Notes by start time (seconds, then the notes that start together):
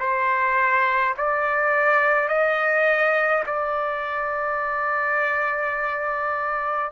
0.00 C5
1.17 D5
2.29 D#5
3.47 D5